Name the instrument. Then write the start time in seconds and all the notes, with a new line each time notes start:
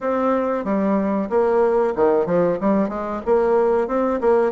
bassoon
0.00 C4
0.64 G3
1.29 A#3
1.95 D#3
2.26 F3
2.60 G3
2.89 G#3
3.25 A#3
3.87 C4
4.21 A#3